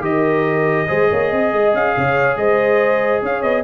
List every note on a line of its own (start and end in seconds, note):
0.00 0.85 D#3
0.00 0.86 G4
0.00 0.87 A#4
0.00 1.74 D#5
0.87 1.10 G#3
0.87 3.63 G#4
0.87 1.09 C5
1.10 1.31 A#3
1.10 1.30 C#5
1.30 1.52 C4
1.30 1.93 D#5
1.52 1.73 G#3
1.73 1.95 C#4
1.73 2.36 F5
1.96 2.36 C#3
1.96 2.38 C#5
2.36 3.21 G#3
2.36 3.23 C5
2.36 3.21 D#5
3.22 3.43 C#4
3.22 3.63 C#5
3.22 3.42 F5
3.42 3.63 B3
3.42 3.63 D#5